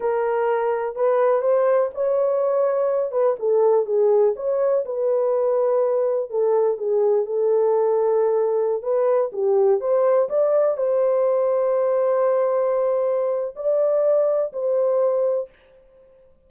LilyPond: \new Staff \with { instrumentName = "horn" } { \time 4/4 \tempo 4 = 124 ais'2 b'4 c''4 | cis''2~ cis''8 b'8 a'4 | gis'4 cis''4 b'2~ | b'4 a'4 gis'4 a'4~ |
a'2~ a'16 b'4 g'8.~ | g'16 c''4 d''4 c''4.~ c''16~ | c''1 | d''2 c''2 | }